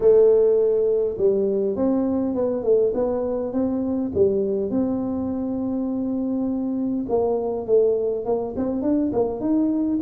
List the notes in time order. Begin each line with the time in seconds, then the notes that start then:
0.00 A3
1.17 G3
1.76 C4
2.34 B3
2.63 A3
2.94 B3
3.52 C4
4.14 G3
4.70 C4
7.09 A#3
7.66 A3
8.25 A#3
8.56 C4
8.82 D4
9.13 A#3
9.40 D#4